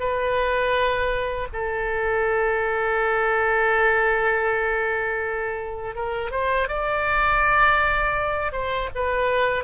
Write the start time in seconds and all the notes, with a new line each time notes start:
0.00 B4
1.53 A4
5.96 A#4
6.31 C5
6.69 D5
8.52 C5
8.95 B4